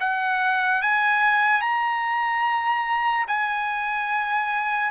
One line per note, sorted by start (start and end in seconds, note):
0.00 0.82 F#5
0.82 1.61 G#5
1.61 3.26 A#5
3.28 4.91 G#5